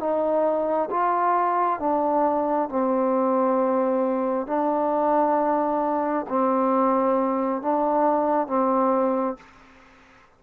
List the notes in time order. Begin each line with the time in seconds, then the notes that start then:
0.00 D#4
0.90 F4
1.80 D4
2.69 C4
4.47 D4
6.29 C4
7.62 D4
8.47 C4